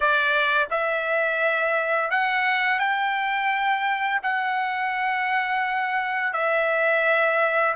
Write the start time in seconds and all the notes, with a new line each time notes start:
0.00 D5
0.70 E5
2.10 F#5
2.79 G5
4.23 F#5
6.33 E5